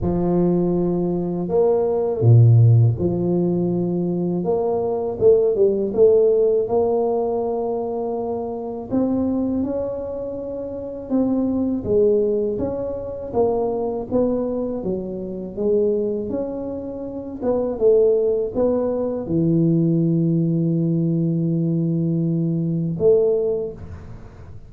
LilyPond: \new Staff \with { instrumentName = "tuba" } { \time 4/4 \tempo 4 = 81 f2 ais4 ais,4 | f2 ais4 a8 g8 | a4 ais2. | c'4 cis'2 c'4 |
gis4 cis'4 ais4 b4 | fis4 gis4 cis'4. b8 | a4 b4 e2~ | e2. a4 | }